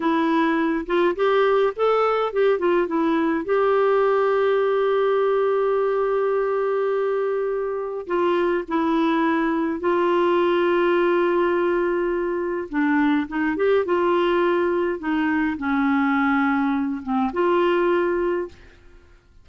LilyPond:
\new Staff \with { instrumentName = "clarinet" } { \time 4/4 \tempo 4 = 104 e'4. f'8 g'4 a'4 | g'8 f'8 e'4 g'2~ | g'1~ | g'2 f'4 e'4~ |
e'4 f'2.~ | f'2 d'4 dis'8 g'8 | f'2 dis'4 cis'4~ | cis'4. c'8 f'2 | }